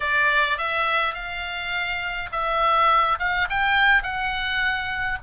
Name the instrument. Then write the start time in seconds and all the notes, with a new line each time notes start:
oboe
0.00 D5
0.57 E5
1.14 F5
2.32 E5
3.19 F5
3.49 G5
4.03 F#5